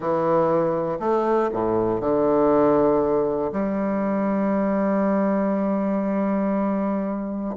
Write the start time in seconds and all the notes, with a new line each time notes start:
0.00 E3
0.99 A3
1.52 A2
2.00 D3
3.52 G3